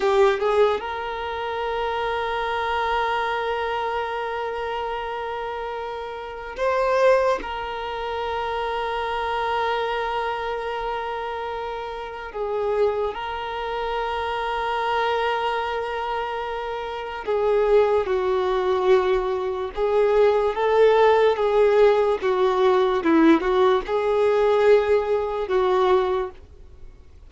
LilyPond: \new Staff \with { instrumentName = "violin" } { \time 4/4 \tempo 4 = 73 g'8 gis'8 ais'2.~ | ais'1 | c''4 ais'2.~ | ais'2. gis'4 |
ais'1~ | ais'4 gis'4 fis'2 | gis'4 a'4 gis'4 fis'4 | e'8 fis'8 gis'2 fis'4 | }